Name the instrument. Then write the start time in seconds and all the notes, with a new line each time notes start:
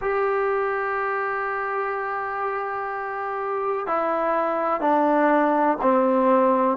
trombone
0.00 G4
3.86 E4
4.80 D4
5.81 C4